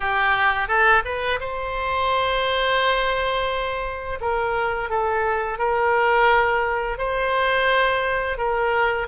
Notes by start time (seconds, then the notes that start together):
0.00 G4
0.68 A4
1.05 B4
1.40 C5
4.21 A#4
4.89 A4
5.58 A#4
6.98 C5
8.37 A#4